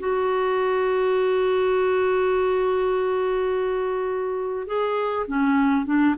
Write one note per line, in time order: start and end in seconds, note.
0.00 4.68 F#4
4.68 5.26 G#4
5.28 5.86 C#4
5.86 6.16 D4